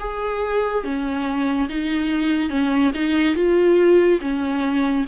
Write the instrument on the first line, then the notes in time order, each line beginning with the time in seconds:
viola
0.00 G#4
0.84 C#4
1.69 D#4
2.50 C#4
2.95 D#4
3.35 F4
4.21 C#4